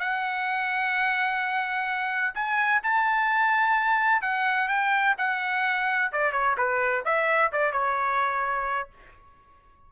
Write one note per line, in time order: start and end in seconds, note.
0.00 2.34 F#5
2.35 2.82 G#5
2.83 4.22 A5
4.22 4.69 F#5
4.69 5.15 G5
5.18 6.12 F#5
6.13 6.33 D5
6.33 6.56 C#5
6.58 7.04 B4
7.05 7.52 E5
7.52 7.73 D5
7.73 8.90 C#5